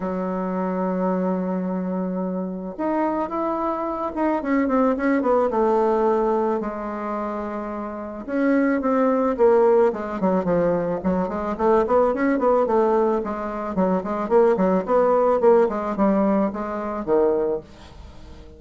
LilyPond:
\new Staff \with { instrumentName = "bassoon" } { \time 4/4 \tempo 4 = 109 fis1~ | fis4 dis'4 e'4. dis'8 | cis'8 c'8 cis'8 b8 a2 | gis2. cis'4 |
c'4 ais4 gis8 fis8 f4 | fis8 gis8 a8 b8 cis'8 b8 a4 | gis4 fis8 gis8 ais8 fis8 b4 | ais8 gis8 g4 gis4 dis4 | }